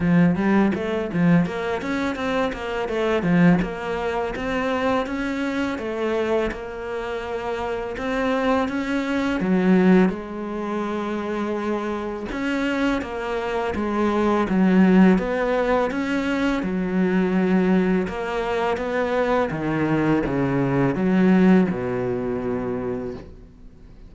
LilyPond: \new Staff \with { instrumentName = "cello" } { \time 4/4 \tempo 4 = 83 f8 g8 a8 f8 ais8 cis'8 c'8 ais8 | a8 f8 ais4 c'4 cis'4 | a4 ais2 c'4 | cis'4 fis4 gis2~ |
gis4 cis'4 ais4 gis4 | fis4 b4 cis'4 fis4~ | fis4 ais4 b4 dis4 | cis4 fis4 b,2 | }